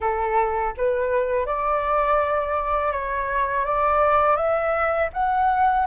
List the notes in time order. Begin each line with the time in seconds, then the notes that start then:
0.00 A4
0.77 B4
1.46 D5
2.91 C#5
3.65 D5
4.36 E5
5.13 F#5